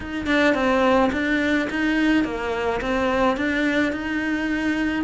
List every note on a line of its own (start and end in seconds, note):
0.00 0.26 D#4
0.26 0.54 D4
0.54 1.10 C4
1.12 1.68 D4
1.70 2.24 D#4
2.24 2.80 A#3
2.81 3.36 C4
3.36 3.92 D4
3.92 5.04 D#4